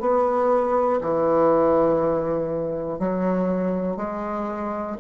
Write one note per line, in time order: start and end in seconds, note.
0.00 1.00 B3
1.01 3.00 E3
3.00 3.97 F#3
3.97 4.97 G#3